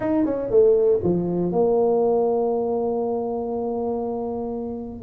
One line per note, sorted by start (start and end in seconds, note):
0.00 0.25 D#4
0.25 0.50 C#4
0.50 1.00 A3
1.03 1.52 F3
1.52 5.02 A#3